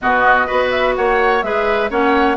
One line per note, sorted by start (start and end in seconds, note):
0.01 0.50 B2
0.01 0.46 B3
0.01 0.46 F#4
0.01 0.70 D#5
0.46 0.97 B3
0.46 1.41 F#4
0.46 0.94 B4
0.70 0.94 E5
0.95 1.42 A#3
0.95 1.45 C#5
0.95 1.42 F#5
1.42 1.90 G#3
1.42 1.89 G#4
1.42 1.90 B4
1.42 1.90 E5
1.89 2.37 A#3
1.89 2.37 C#4
1.89 2.37 C#5
1.89 2.37 F#5